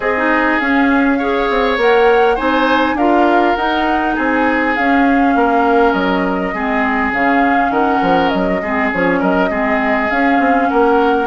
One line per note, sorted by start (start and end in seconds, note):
0.00 0.58 C4
0.00 1.18 G#4
0.00 0.16 G#4
0.00 0.59 D#5
0.16 0.61 D#4
0.59 1.50 C#4
0.59 1.20 C#4
0.59 1.78 F5
1.18 1.78 G#4
1.18 2.35 C#5
1.50 1.77 C4
1.77 2.36 A#3
1.77 2.37 A#4
1.77 2.37 F#5
2.35 2.94 C4
2.35 2.97 D#4
2.35 2.94 C5
2.35 2.97 G#5
2.94 3.53 D4
2.94 3.57 F4
2.94 4.15 A#4
2.94 3.55 F5
3.55 4.16 D#4
3.55 4.77 D#4
3.55 4.14 F#5
4.15 4.77 C4
4.15 5.33 G#4
4.15 4.75 G#5
4.75 5.35 C#4
4.75 6.54 C#4
4.75 5.92 F5
5.35 5.93 A#3
5.35 6.54 A#4
5.92 6.53 F#3
5.92 7.11 D#5
6.53 7.11 G#3
6.53 7.14 C4
6.53 7.71 G#4
7.11 7.70 C#3
7.11 8.62 C#4
7.11 7.72 F5
7.70 7.99 D#3
7.70 8.60 A#4
7.70 8.28 F#5
8.01 8.31 F3
8.28 8.62 F#3
8.28 8.88 D#5
8.62 8.91 G#3
8.62 8.93 C4
8.62 9.19 G#4
8.92 9.22 F3
8.92 9.50 C#4
8.92 9.22 C#5
9.19 9.50 F#3
9.19 9.49 A#4
9.19 10.10 D#5
9.50 10.09 G#3
9.50 10.09 C4
9.50 10.68 G#4
10.10 10.38 C#4
10.10 11.26 C#4
10.10 10.69 F5
10.38 10.68 C4
10.69 11.26 A#3
10.69 11.26 A#4
10.69 11.26 F#5